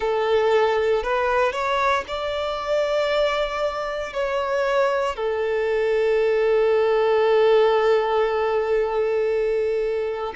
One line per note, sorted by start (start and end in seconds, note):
0.00 1.03 A4
1.03 1.52 B4
1.52 2.04 C#5
2.07 4.13 D5
4.13 5.16 C#5
5.16 10.33 A4